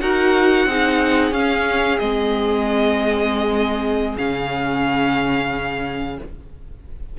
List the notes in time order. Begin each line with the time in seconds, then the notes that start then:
0.00 D#4 F#4 A#4 F#5
0.66 C4 D#4 G#4
1.32 C#4 F5
1.99 G#3 C4 D#5
4.18 C#3 C#4 F5